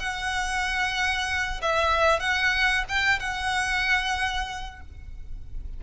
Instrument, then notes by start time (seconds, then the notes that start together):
violin
0.00 F#5
1.62 E5
2.20 F#5
2.89 G5
3.20 F#5